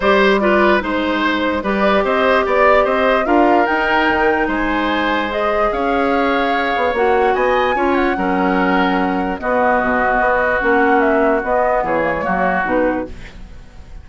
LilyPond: <<
  \new Staff \with { instrumentName = "flute" } { \time 4/4 \tempo 4 = 147 d''8 c''8 d''4 c''2 | d''4 dis''4 d''4 dis''4 | f''4 g''2 gis''4~ | gis''4 dis''4 f''2~ |
f''4 fis''4 gis''4. fis''8~ | fis''2. dis''4~ | dis''2 fis''4 e''4 | dis''4 cis''2 b'4 | }
  \new Staff \with { instrumentName = "oboe" } { \time 4/4 c''4 b'4 c''2 | b'4 c''4 d''4 c''4 | ais'2. c''4~ | c''2 cis''2~ |
cis''2 dis''4 cis''4 | ais'2. fis'4~ | fis'1~ | fis'4 gis'4 fis'2 | }
  \new Staff \with { instrumentName = "clarinet" } { \time 4/4 g'4 f'4 dis'2 | g'1 | f'4 dis'2.~ | dis'4 gis'2.~ |
gis'4 fis'2 f'4 | cis'2. b4~ | b2 cis'2 | b4. ais16 gis16 ais4 dis'4 | }
  \new Staff \with { instrumentName = "bassoon" } { \time 4/4 g2 gis2 | g4 c'4 b4 c'4 | d'4 dis'4 dis4 gis4~ | gis2 cis'2~ |
cis'8 b8 ais4 b4 cis'4 | fis2. b4 | b,4 b4 ais2 | b4 e4 fis4 b,4 | }
>>